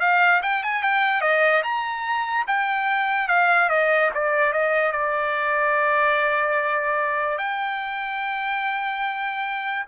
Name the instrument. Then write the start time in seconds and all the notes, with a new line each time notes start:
trumpet
0.00 F5
0.43 G5
0.64 G#5
0.82 G5
1.21 D#5
1.63 A#5
2.47 G5
3.28 F5
3.69 D#5
4.14 D5
4.53 D#5
4.92 D5
7.38 G5